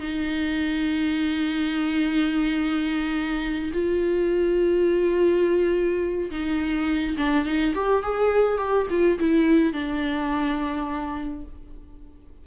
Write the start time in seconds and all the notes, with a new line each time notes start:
0.00 D#4
3.73 F4
6.31 D#4
7.17 D4
7.45 D#4
7.75 G4
8.03 G#4
8.58 G4
8.90 F4
9.19 E4
9.73 D4